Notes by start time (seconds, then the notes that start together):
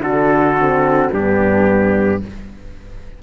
0.00 D3 D4 F#4 A4
0.58 C4
1.11 G2 B3 D4 G4